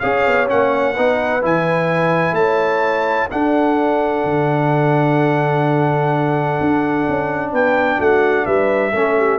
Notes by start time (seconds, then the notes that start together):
0.00 C#4 G#4 C#5 F5
0.27 B3
0.47 A#3 C#4 F#5
0.94 B3 D#4 B4
1.42 E3 E4 G#5
2.32 A3 C#5 A5
3.30 D4 A4 F#5
4.25 D3
6.61 D4
7.08 C#4
7.52 B3 B4 G5
7.99 A3 F#4 F#5
8.45 G3 B4 E5
8.92 A3 C#4 A4
9.18 G4